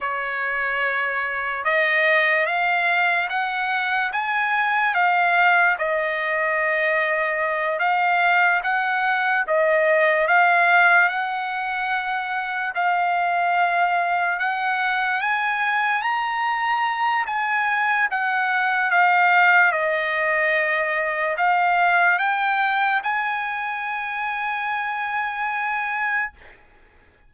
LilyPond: \new Staff \with { instrumentName = "trumpet" } { \time 4/4 \tempo 4 = 73 cis''2 dis''4 f''4 | fis''4 gis''4 f''4 dis''4~ | dis''4. f''4 fis''4 dis''8~ | dis''8 f''4 fis''2 f''8~ |
f''4. fis''4 gis''4 ais''8~ | ais''4 gis''4 fis''4 f''4 | dis''2 f''4 g''4 | gis''1 | }